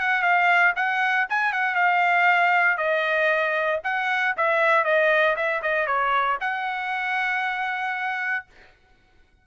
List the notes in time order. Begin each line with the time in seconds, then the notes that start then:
0.00 F#5
0.22 F5
0.76 F#5
1.29 G#5
1.52 F#5
1.75 F5
2.78 D#5
3.84 F#5
4.37 E5
4.84 D#5
5.36 E5
5.62 D#5
5.86 C#5
6.41 F#5